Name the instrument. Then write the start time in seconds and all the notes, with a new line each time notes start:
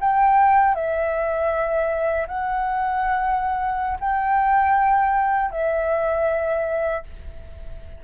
flute
0.00 G5
0.75 E5
2.28 F#5
4.00 G5
5.51 E5